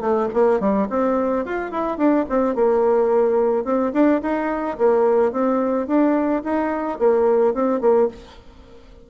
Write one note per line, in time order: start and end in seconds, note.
0.00 0.28 A3
0.33 0.60 A#3
0.60 0.87 G3
0.89 1.45 C4
1.45 1.71 F4
1.71 1.97 E4
1.97 2.25 D4
2.29 2.55 C4
2.55 3.64 A#3
3.64 3.92 C4
3.93 4.21 D4
4.21 4.77 D#4
4.78 5.32 A#3
5.32 5.87 C4
5.87 6.42 D4
6.44 6.98 D#4
6.98 7.54 A#3
7.54 7.80 C4
7.80 8.08 A#3